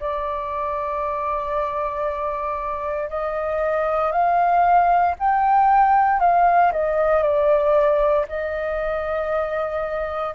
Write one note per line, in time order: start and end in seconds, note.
0.00 3.09 D5
3.09 4.12 D#5
4.12 5.15 F5
5.19 6.20 G5
6.20 6.72 F5
6.72 7.23 D#5
7.23 8.26 D5
8.28 10.35 D#5